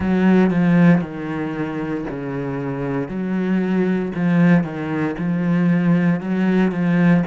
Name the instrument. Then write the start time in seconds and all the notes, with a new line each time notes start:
cello
0.00 F#3
0.50 F3
1.01 D#3
2.09 C#3
3.08 F#3
4.14 F3
4.63 D#3
5.18 F3
6.20 F#3
6.71 F3